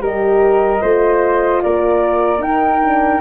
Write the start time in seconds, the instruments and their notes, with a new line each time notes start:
0.00 tuba G3, horn G4, flute A#4 D#5
0.81 tuba A3, horn F4, flute C5
1.63 tuba A#3, flute A#4 D5
2.39 tuba D#4, horn D#4, flute G5
2.82 horn D4